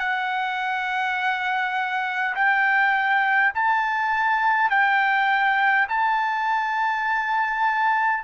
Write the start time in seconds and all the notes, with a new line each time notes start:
0.00 F#5
2.36 G5
3.55 A5
4.71 G5
5.89 A5